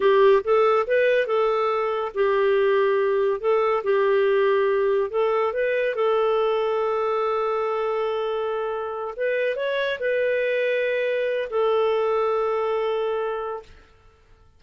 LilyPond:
\new Staff \with { instrumentName = "clarinet" } { \time 4/4 \tempo 4 = 141 g'4 a'4 b'4 a'4~ | a'4 g'2. | a'4 g'2. | a'4 b'4 a'2~ |
a'1~ | a'4. b'4 cis''4 b'8~ | b'2. a'4~ | a'1 | }